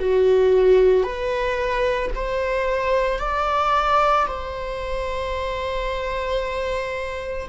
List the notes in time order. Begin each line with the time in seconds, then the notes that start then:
0.00 F#4
1.04 B4
2.15 C5
3.19 D5
4.27 C5